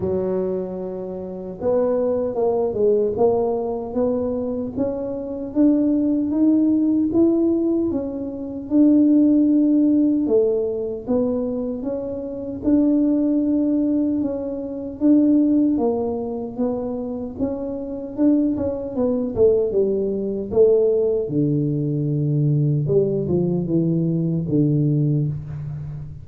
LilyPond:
\new Staff \with { instrumentName = "tuba" } { \time 4/4 \tempo 4 = 76 fis2 b4 ais8 gis8 | ais4 b4 cis'4 d'4 | dis'4 e'4 cis'4 d'4~ | d'4 a4 b4 cis'4 |
d'2 cis'4 d'4 | ais4 b4 cis'4 d'8 cis'8 | b8 a8 g4 a4 d4~ | d4 g8 f8 e4 d4 | }